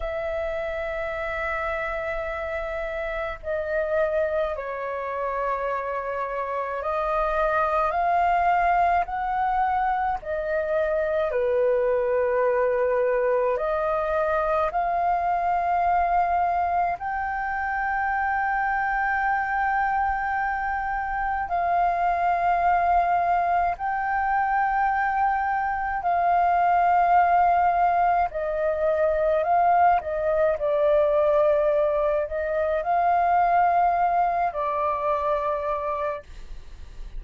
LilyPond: \new Staff \with { instrumentName = "flute" } { \time 4/4 \tempo 4 = 53 e''2. dis''4 | cis''2 dis''4 f''4 | fis''4 dis''4 b'2 | dis''4 f''2 g''4~ |
g''2. f''4~ | f''4 g''2 f''4~ | f''4 dis''4 f''8 dis''8 d''4~ | d''8 dis''8 f''4. d''4. | }